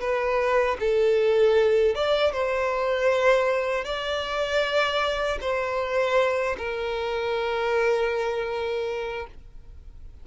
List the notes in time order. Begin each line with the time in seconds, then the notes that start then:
0.00 B4
0.80 A4
1.95 D5
2.33 C5
3.85 D5
5.41 C5
6.58 A#4